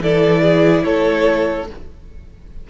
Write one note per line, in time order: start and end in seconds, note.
0.00 0.84 E3
0.00 1.67 E4
0.00 0.42 A4
0.00 0.84 D5
0.42 0.84 G#4
0.84 1.70 A3
0.84 1.68 A4
0.84 1.68 C#5